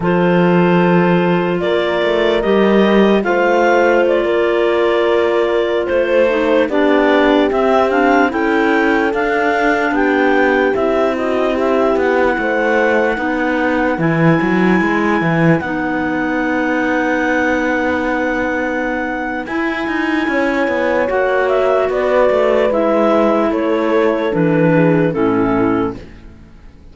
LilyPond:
<<
  \new Staff \with { instrumentName = "clarinet" } { \time 4/4 \tempo 4 = 74 c''2 d''4 dis''4 | f''4 d''2~ d''16 c''8.~ | c''16 d''4 e''8 f''8 g''4 f''8.~ | f''16 g''4 e''8 dis''8 e''8 fis''4~ fis''16~ |
fis''4~ fis''16 gis''2 fis''8.~ | fis''1 | gis''2 fis''8 e''8 d''4 | e''4 cis''4 b'4 a'4 | }
  \new Staff \with { instrumentName = "horn" } { \time 4/4 a'2 ais'2 | c''4~ c''16 ais'2 c''8.~ | c''16 g'2 a'4.~ a'16~ | a'16 g'4. fis'8 g'4 c''8.~ |
c''16 b'2.~ b'8.~ | b'1~ | b'4 cis''2 b'4~ | b'4 a'4. gis'8 e'4 | }
  \new Staff \with { instrumentName = "clarinet" } { \time 4/4 f'2. g'4 | f'2.~ f'8. dis'16~ | dis'16 d'4 c'8 d'8 e'4 d'8.~ | d'4~ d'16 e'2~ e'8.~ |
e'16 dis'4 e'2 dis'8.~ | dis'1 | e'2 fis'2 | e'2 d'4 cis'4 | }
  \new Staff \with { instrumentName = "cello" } { \time 4/4 f2 ais8 a8 g4 | a4~ a16 ais2 a8.~ | a16 b4 c'4 cis'4 d'8.~ | d'16 b4 c'4. b8 a8.~ |
a16 b4 e8 fis8 gis8 e8 b8.~ | b1 | e'8 dis'8 cis'8 b8 ais4 b8 a8 | gis4 a4 e4 a,4 | }
>>